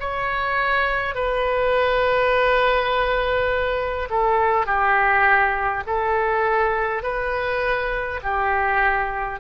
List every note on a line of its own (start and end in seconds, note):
0.00 1.15 C#5
1.15 4.09 B4
4.10 4.66 A4
4.66 5.83 G4
5.87 7.03 A4
7.03 8.20 B4
8.23 9.40 G4